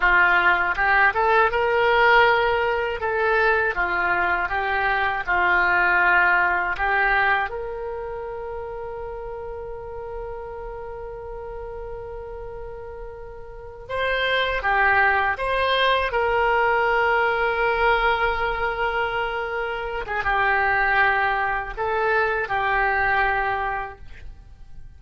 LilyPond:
\new Staff \with { instrumentName = "oboe" } { \time 4/4 \tempo 4 = 80 f'4 g'8 a'8 ais'2 | a'4 f'4 g'4 f'4~ | f'4 g'4 ais'2~ | ais'1~ |
ais'2~ ais'8 c''4 g'8~ | g'8 c''4 ais'2~ ais'8~ | ais'2~ ais'8. gis'16 g'4~ | g'4 a'4 g'2 | }